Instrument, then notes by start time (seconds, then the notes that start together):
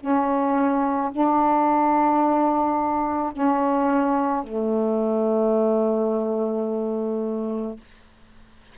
saxophone
0.00 C#4
1.12 D4
3.32 C#4
4.43 A3